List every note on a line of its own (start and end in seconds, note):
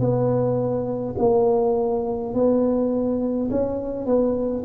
0.00 1.15 B3
1.19 2.34 A#3
2.34 3.49 B3
3.51 4.06 C#4
4.06 4.64 B3